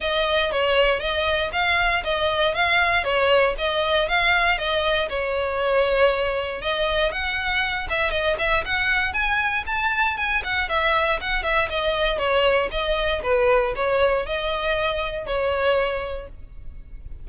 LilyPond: \new Staff \with { instrumentName = "violin" } { \time 4/4 \tempo 4 = 118 dis''4 cis''4 dis''4 f''4 | dis''4 f''4 cis''4 dis''4 | f''4 dis''4 cis''2~ | cis''4 dis''4 fis''4. e''8 |
dis''8 e''8 fis''4 gis''4 a''4 | gis''8 fis''8 e''4 fis''8 e''8 dis''4 | cis''4 dis''4 b'4 cis''4 | dis''2 cis''2 | }